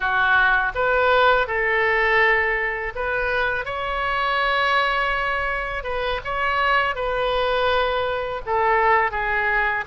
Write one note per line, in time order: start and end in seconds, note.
0.00 0.72 F#4
0.74 1.47 B4
1.47 2.93 A4
2.95 3.65 B4
3.65 5.83 C#5
5.83 6.20 B4
6.24 6.95 C#5
6.95 8.41 B4
8.46 9.11 A4
9.11 9.84 G#4